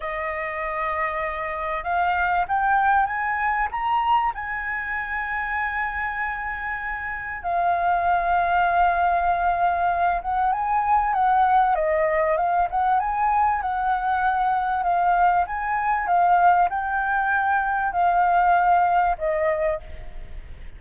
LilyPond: \new Staff \with { instrumentName = "flute" } { \time 4/4 \tempo 4 = 97 dis''2. f''4 | g''4 gis''4 ais''4 gis''4~ | gis''1 | f''1~ |
f''8 fis''8 gis''4 fis''4 dis''4 | f''8 fis''8 gis''4 fis''2 | f''4 gis''4 f''4 g''4~ | g''4 f''2 dis''4 | }